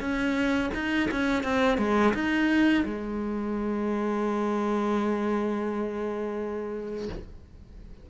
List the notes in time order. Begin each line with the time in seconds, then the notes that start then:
0.00 C#4
0.74 D#4
1.11 C#4
1.43 C4
1.78 G#3
2.14 D#4
2.85 G#3